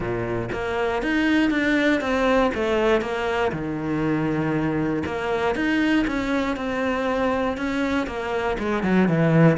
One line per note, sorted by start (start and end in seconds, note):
0.00 0.49 A#2
0.52 1.02 A#3
1.02 1.50 D#4
1.50 2.00 D4
2.00 2.51 C4
2.54 3.01 A3
3.01 3.51 A#3
3.52 5.03 D#3
5.05 5.55 A#3
5.55 6.05 D#4
6.07 6.56 C#4
6.56 7.57 C4
7.57 8.06 C#4
8.06 8.57 A#3
8.58 8.83 G#3
8.83 9.08 F#3
9.08 9.57 E3